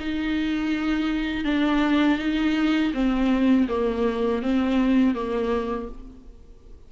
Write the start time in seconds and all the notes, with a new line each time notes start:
0.00 D#4
1.45 D4
2.19 D#4
2.94 C4
3.69 A#3
4.43 C4
5.15 A#3